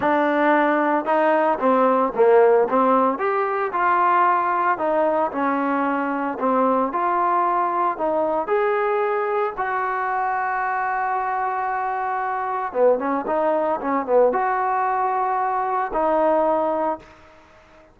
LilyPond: \new Staff \with { instrumentName = "trombone" } { \time 4/4 \tempo 4 = 113 d'2 dis'4 c'4 | ais4 c'4 g'4 f'4~ | f'4 dis'4 cis'2 | c'4 f'2 dis'4 |
gis'2 fis'2~ | fis'1 | b8 cis'8 dis'4 cis'8 b8 fis'4~ | fis'2 dis'2 | }